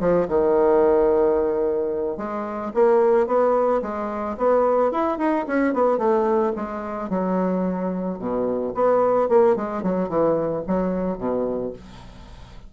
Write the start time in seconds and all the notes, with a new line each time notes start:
0.00 F3
0.28 D#3
2.17 G#3
2.74 A#3
3.27 B3
3.82 G#3
4.37 B3
4.92 E4
5.18 D#4
5.47 C#4
5.74 B3
5.98 A3
6.56 G#3
7.10 F#3
8.19 B2
8.74 B3
9.29 A#3
9.56 G#3
9.83 F#3
10.09 E3
10.67 F#3
11.18 B2